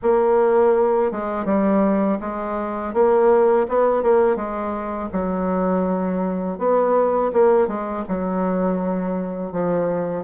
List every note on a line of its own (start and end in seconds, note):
0.02 1.11 A#3
1.11 1.45 G#3
1.45 2.18 G3
2.20 2.93 G#3
2.93 3.67 A#3
3.68 4.02 B3
4.02 4.36 A#3
4.36 5.09 G#3
5.12 6.58 F#3
6.58 7.31 B3
7.32 7.67 A#3
7.67 8.04 G#3
8.08 9.52 F#3
9.52 10.23 F3